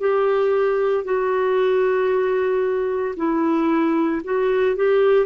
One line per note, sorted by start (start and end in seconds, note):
0.00 1.04 G4
1.04 3.15 F#4
3.16 4.22 E4
4.24 4.76 F#4
4.76 5.26 G4